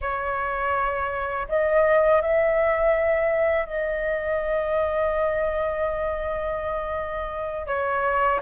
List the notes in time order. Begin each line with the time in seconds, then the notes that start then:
0.01 C#5
1.48 D#5
2.22 E5
3.66 D#5
7.67 C#5